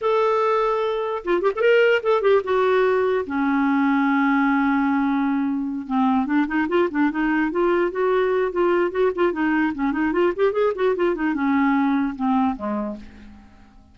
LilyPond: \new Staff \with { instrumentName = "clarinet" } { \time 4/4 \tempo 4 = 148 a'2. f'8 g'16 a'16 | ais'4 a'8 g'8 fis'2 | cis'1~ | cis'2~ cis'8 c'4 d'8 |
dis'8 f'8 d'8 dis'4 f'4 fis'8~ | fis'4 f'4 fis'8 f'8 dis'4 | cis'8 dis'8 f'8 g'8 gis'8 fis'8 f'8 dis'8 | cis'2 c'4 gis4 | }